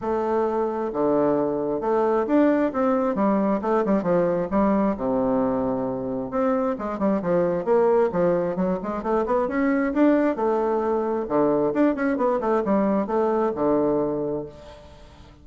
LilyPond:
\new Staff \with { instrumentName = "bassoon" } { \time 4/4 \tempo 4 = 133 a2 d2 | a4 d'4 c'4 g4 | a8 g8 f4 g4 c4~ | c2 c'4 gis8 g8 |
f4 ais4 f4 fis8 gis8 | a8 b8 cis'4 d'4 a4~ | a4 d4 d'8 cis'8 b8 a8 | g4 a4 d2 | }